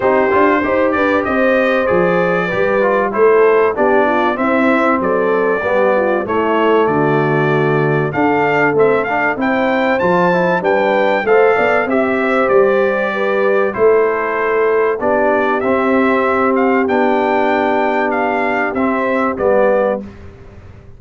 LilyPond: <<
  \new Staff \with { instrumentName = "trumpet" } { \time 4/4 \tempo 4 = 96 c''4. d''8 dis''4 d''4~ | d''4 c''4 d''4 e''4 | d''2 cis''4 d''4~ | d''4 f''4 e''8 f''8 g''4 |
a''4 g''4 f''4 e''4 | d''2 c''2 | d''4 e''4. f''8 g''4~ | g''4 f''4 e''4 d''4 | }
  \new Staff \with { instrumentName = "horn" } { \time 4/4 g'4 c''8 b'8 c''2 | b'4 a'4 g'8 f'8 e'4 | a'4 g'8 f'8 e'4 fis'4~ | fis'4 a'2 c''4~ |
c''4 b'4 c''8 d''8 e''8 c''8~ | c''4 b'4 a'2 | g'1~ | g'1 | }
  \new Staff \with { instrumentName = "trombone" } { \time 4/4 dis'8 f'8 g'2 gis'4 | g'8 f'8 e'4 d'4 c'4~ | c'4 b4 a2~ | a4 d'4 c'8 d'8 e'4 |
f'8 e'8 d'4 a'4 g'4~ | g'2 e'2 | d'4 c'2 d'4~ | d'2 c'4 b4 | }
  \new Staff \with { instrumentName = "tuba" } { \time 4/4 c'8 d'8 dis'8 d'8 c'4 f4 | g4 a4 b4 c'4 | fis4 g4 a4 d4~ | d4 d'4 a4 c'4 |
f4 g4 a8 b8 c'4 | g2 a2 | b4 c'2 b4~ | b2 c'4 g4 | }
>>